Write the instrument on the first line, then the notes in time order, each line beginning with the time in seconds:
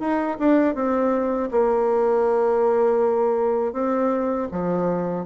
bassoon
0.00 D#4
0.40 D4
0.75 C4
1.51 A#3
3.73 C4
4.52 F3